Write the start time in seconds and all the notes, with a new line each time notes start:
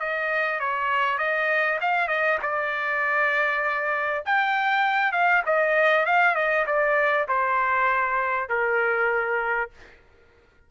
0.00 D#5
0.60 C#5
1.19 D#5
1.81 F5
2.08 D#5
2.42 D5
4.26 G5
5.12 F5
5.46 D#5
6.06 F5
6.35 D#5
6.67 D5
7.28 C5
8.49 A#4